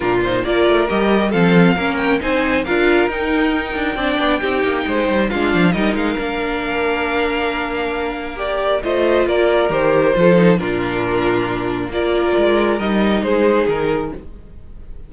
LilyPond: <<
  \new Staff \with { instrumentName = "violin" } { \time 4/4 \tempo 4 = 136 ais'8 c''8 d''4 dis''4 f''4~ | f''8 g''8 gis''4 f''4 g''4~ | g''1 | f''4 dis''8 f''2~ f''8~ |
f''2. d''4 | dis''4 d''4 c''2 | ais'2. d''4~ | d''4 dis''4 c''4 ais'4 | }
  \new Staff \with { instrumentName = "violin" } { \time 4/4 f'4 ais'2 a'4 | ais'4 c''4 ais'2~ | ais'4 d''4 g'4 c''4 | f'4 ais'2.~ |
ais'1 | c''4 ais'2 a'4 | f'2. ais'4~ | ais'2 gis'2 | }
  \new Staff \with { instrumentName = "viola" } { \time 4/4 d'8 dis'8 f'4 g'4 c'4 | cis'4 dis'4 f'4 dis'4~ | dis'4 d'4 dis'2 | d'4 dis'4 d'2~ |
d'2. g'4 | f'2 g'4 f'8 dis'8 | d'2. f'4~ | f'4 dis'2. | }
  \new Staff \with { instrumentName = "cello" } { \time 4/4 ais,4 ais8 a8 g4 f4 | ais4 c'4 d'4 dis'4~ | dis'8 d'8 c'8 b8 c'8 ais8 gis8 g8 | gis8 f8 g8 gis8 ais2~ |
ais1 | a4 ais4 dis4 f4 | ais,2. ais4 | gis4 g4 gis4 dis4 | }
>>